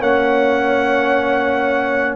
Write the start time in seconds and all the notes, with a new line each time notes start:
0.00 A#3 C#4 C#5 F#5